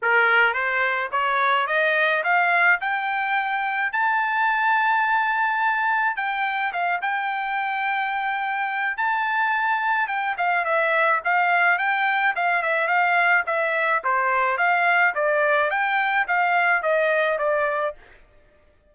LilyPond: \new Staff \with { instrumentName = "trumpet" } { \time 4/4 \tempo 4 = 107 ais'4 c''4 cis''4 dis''4 | f''4 g''2 a''4~ | a''2. g''4 | f''8 g''2.~ g''8 |
a''2 g''8 f''8 e''4 | f''4 g''4 f''8 e''8 f''4 | e''4 c''4 f''4 d''4 | g''4 f''4 dis''4 d''4 | }